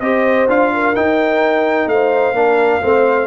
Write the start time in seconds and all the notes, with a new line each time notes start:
0.00 C4 G4 C5 D#5
0.48 D4 F4 F5
0.73 A#4
0.95 D#4 G5
1.86 A3 C5 F5
2.32 A#3 D4 A#4
2.81 A3 C4 C5